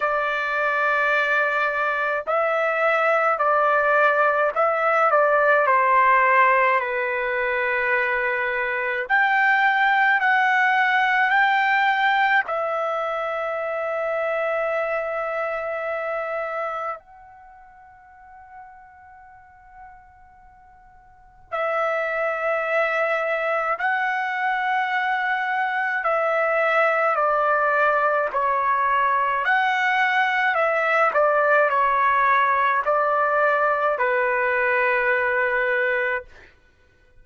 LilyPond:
\new Staff \with { instrumentName = "trumpet" } { \time 4/4 \tempo 4 = 53 d''2 e''4 d''4 | e''8 d''8 c''4 b'2 | g''4 fis''4 g''4 e''4~ | e''2. fis''4~ |
fis''2. e''4~ | e''4 fis''2 e''4 | d''4 cis''4 fis''4 e''8 d''8 | cis''4 d''4 b'2 | }